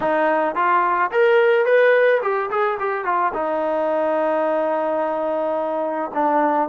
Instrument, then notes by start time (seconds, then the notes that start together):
trombone
0.00 D#4
0.55 F4
1.11 A#4
1.65 B4
2.22 G4
2.50 G#4
2.79 G4
3.04 F4
3.33 D#4
6.14 D4